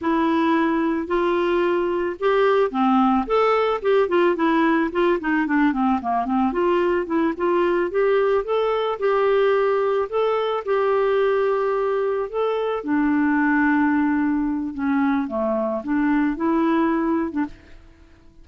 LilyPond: \new Staff \with { instrumentName = "clarinet" } { \time 4/4 \tempo 4 = 110 e'2 f'2 | g'4 c'4 a'4 g'8 f'8 | e'4 f'8 dis'8 d'8 c'8 ais8 c'8 | f'4 e'8 f'4 g'4 a'8~ |
a'8 g'2 a'4 g'8~ | g'2~ g'8 a'4 d'8~ | d'2. cis'4 | a4 d'4 e'4.~ e'16 d'16 | }